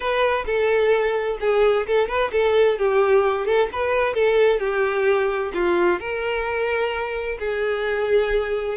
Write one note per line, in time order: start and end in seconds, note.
0.00 0.45 B4
0.46 1.38 A4
1.40 1.86 G#4
1.87 2.08 A4
2.08 2.31 B4
2.32 2.78 A4
2.78 3.46 G4
3.46 3.69 A4
3.72 4.14 B4
4.14 4.59 A4
4.59 5.52 G4
5.53 5.99 F4
5.99 7.37 A#4
7.39 8.77 G#4